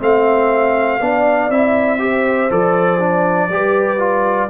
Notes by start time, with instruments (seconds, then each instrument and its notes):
0.00 tuba A3, trombone C4, horn E5, trumpet F5
1.01 tuba B3, trombone D4, horn D5
1.50 tuba C4, trombone E4, trumpet E5
1.99 trombone G4, horn C5
2.50 tuba F3, trombone A4, trumpet D5
3.00 trombone D4
3.50 tuba G3, trombone G4, horn B4
3.99 trombone F4